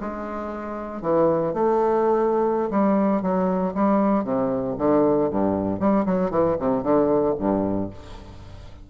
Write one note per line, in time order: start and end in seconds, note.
0.00 1.02 G#3
1.02 1.53 E3
1.53 2.70 A3
2.70 3.22 G3
3.22 3.74 F#3
3.74 4.24 G3
4.24 4.76 C3
4.78 5.30 D3
5.30 5.79 G2
5.79 6.05 G3
6.06 6.30 F#3
6.30 6.56 E3
6.59 6.83 C3
6.83 7.34 D3
7.38 7.90 G2